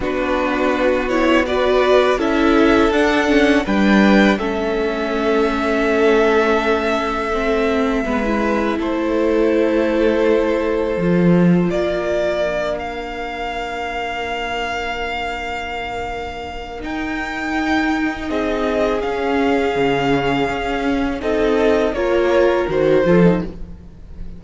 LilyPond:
<<
  \new Staff \with { instrumentName = "violin" } { \time 4/4 \tempo 4 = 82 b'4. cis''8 d''4 e''4 | fis''4 g''4 e''2~ | e''1 | c''1 |
d''4. f''2~ f''8~ | f''2. g''4~ | g''4 dis''4 f''2~ | f''4 dis''4 cis''4 c''4 | }
  \new Staff \with { instrumentName = "violin" } { \time 4/4 fis'2 b'4 a'4~ | a'4 b'4 a'2~ | a'2. b'4 | a'1 |
ais'1~ | ais'1~ | ais'4 gis'2.~ | gis'4 a'4 ais'4. a'8 | }
  \new Staff \with { instrumentName = "viola" } { \time 4/4 d'4. e'8 fis'4 e'4 | d'8 cis'8 d'4 cis'2~ | cis'2 c'4 b16 e'8.~ | e'2. f'4~ |
f'4 d'2.~ | d'2. dis'4~ | dis'2 cis'2~ | cis'4 dis'4 f'4 fis'8 f'16 dis'16 | }
  \new Staff \with { instrumentName = "cello" } { \time 4/4 b2. cis'4 | d'4 g4 a2~ | a2. gis4 | a2. f4 |
ais1~ | ais2. dis'4~ | dis'4 c'4 cis'4 cis4 | cis'4 c'4 ais4 dis8 f8 | }
>>